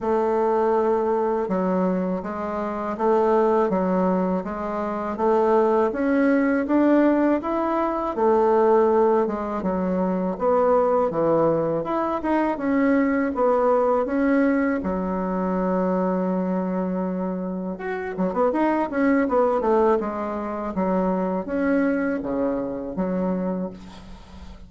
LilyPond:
\new Staff \with { instrumentName = "bassoon" } { \time 4/4 \tempo 4 = 81 a2 fis4 gis4 | a4 fis4 gis4 a4 | cis'4 d'4 e'4 a4~ | a8 gis8 fis4 b4 e4 |
e'8 dis'8 cis'4 b4 cis'4 | fis1 | fis'8 fis16 b16 dis'8 cis'8 b8 a8 gis4 | fis4 cis'4 cis4 fis4 | }